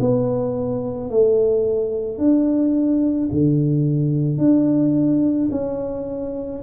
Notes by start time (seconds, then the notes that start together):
0.00 B3
1.10 A3
2.18 D4
3.32 D3
4.38 D4
5.52 C#4